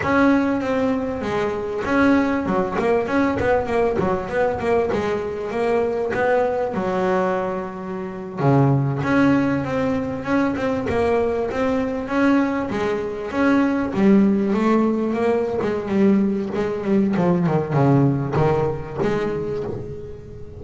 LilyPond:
\new Staff \with { instrumentName = "double bass" } { \time 4/4 \tempo 4 = 98 cis'4 c'4 gis4 cis'4 | fis8 ais8 cis'8 b8 ais8 fis8 b8 ais8 | gis4 ais4 b4 fis4~ | fis4.~ fis16 cis4 cis'4 c'16~ |
c'8. cis'8 c'8 ais4 c'4 cis'16~ | cis'8. gis4 cis'4 g4 a16~ | a8. ais8. gis8 g4 gis8 g8 | f8 dis8 cis4 dis4 gis4 | }